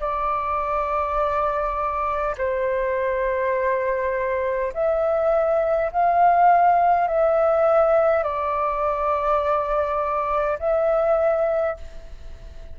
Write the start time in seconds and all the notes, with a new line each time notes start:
0.00 D5
2.37 C5
4.74 E5
5.92 F5
7.07 E5
8.23 D5
10.59 E5